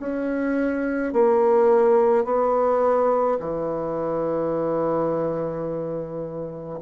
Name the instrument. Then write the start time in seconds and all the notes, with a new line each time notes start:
bassoon
0.00 C#4
1.13 A#3
2.25 B3
3.40 E3